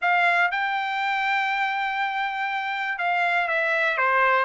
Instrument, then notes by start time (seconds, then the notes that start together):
trumpet
0.01 F5
0.51 G5
2.98 F5
3.47 E5
3.97 C5